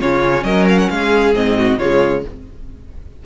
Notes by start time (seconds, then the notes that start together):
0.00 C#3 C#4 F4 C#5
0.43 F#3 A#4 D#5
0.68 F5
0.78 F#5
0.89 G#3 G#4 F5
1.34 G#2 C4 D#5
1.58 F#4
1.78 C#3 G#3 F4 C#5